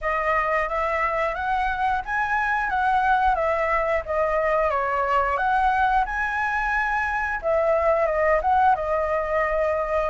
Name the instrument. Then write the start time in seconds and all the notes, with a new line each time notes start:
flute
0.01 D#5
0.68 E5
1.34 F#5
2.05 G#5
2.69 F#5
3.35 E5
4.05 D#5
4.70 C#5
5.37 F#5
6.05 G#5
7.42 E5
8.06 D#5
8.41 F#5
8.75 D#5